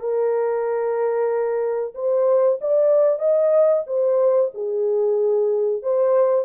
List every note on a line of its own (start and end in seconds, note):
0.00 1.94 A#4
1.94 2.59 C5
2.60 3.18 D5
3.18 3.83 D#5
3.86 4.51 C5
4.54 5.82 G#4
5.82 6.45 C5